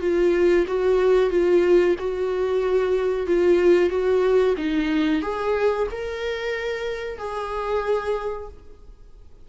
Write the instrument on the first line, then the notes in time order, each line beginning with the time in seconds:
viola
0.00 F4
0.67 F#4
1.30 F4
1.99 F#4
3.26 F4
3.89 F#4
4.57 D#4
5.22 G#4
5.91 A#4
7.18 G#4